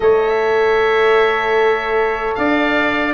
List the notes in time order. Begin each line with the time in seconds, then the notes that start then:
0.00 A3 A4 C#5 E5
2.34 D4 D5 F5